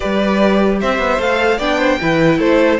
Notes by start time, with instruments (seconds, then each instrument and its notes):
0.00 cello G3, viola G4, violin B4 D5
0.80 cello C4, violin C5 E5
0.98 cello B3
1.19 cello A3, viola A4, violin F5
1.58 cello B3, viola D4, violin D5 G5
1.78 violin C5
2.01 cello E3, viola E4, violin B4
2.38 cello A3, violin A4 C5